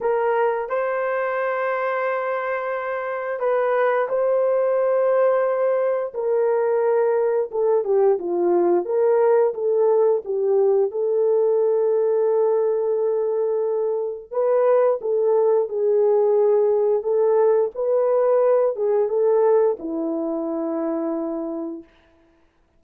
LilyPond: \new Staff \with { instrumentName = "horn" } { \time 4/4 \tempo 4 = 88 ais'4 c''2.~ | c''4 b'4 c''2~ | c''4 ais'2 a'8 g'8 | f'4 ais'4 a'4 g'4 |
a'1~ | a'4 b'4 a'4 gis'4~ | gis'4 a'4 b'4. gis'8 | a'4 e'2. | }